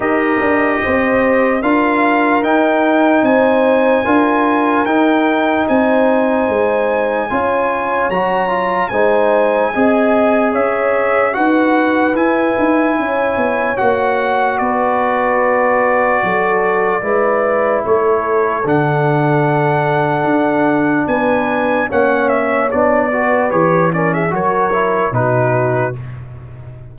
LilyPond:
<<
  \new Staff \with { instrumentName = "trumpet" } { \time 4/4 \tempo 4 = 74 dis''2 f''4 g''4 | gis''2 g''4 gis''4~ | gis''2 ais''4 gis''4~ | gis''4 e''4 fis''4 gis''4~ |
gis''4 fis''4 d''2~ | d''2 cis''4 fis''4~ | fis''2 gis''4 fis''8 e''8 | d''4 cis''8 d''16 e''16 cis''4 b'4 | }
  \new Staff \with { instrumentName = "horn" } { \time 4/4 ais'4 c''4 ais'2 | c''4 ais'2 c''4~ | c''4 cis''2 c''4 | dis''4 cis''4 b'2 |
cis''2 b'2 | a'4 b'4 a'2~ | a'2 b'4 cis''4~ | cis''8 b'4 ais'16 gis'16 ais'4 fis'4 | }
  \new Staff \with { instrumentName = "trombone" } { \time 4/4 g'2 f'4 dis'4~ | dis'4 f'4 dis'2~ | dis'4 f'4 fis'8 f'8 dis'4 | gis'2 fis'4 e'4~ |
e'4 fis'2.~ | fis'4 e'2 d'4~ | d'2. cis'4 | d'8 fis'8 g'8 cis'8 fis'8 e'8 dis'4 | }
  \new Staff \with { instrumentName = "tuba" } { \time 4/4 dis'8 d'8 c'4 d'4 dis'4 | c'4 d'4 dis'4 c'4 | gis4 cis'4 fis4 gis4 | c'4 cis'4 dis'4 e'8 dis'8 |
cis'8 b8 ais4 b2 | fis4 gis4 a4 d4~ | d4 d'4 b4 ais4 | b4 e4 fis4 b,4 | }
>>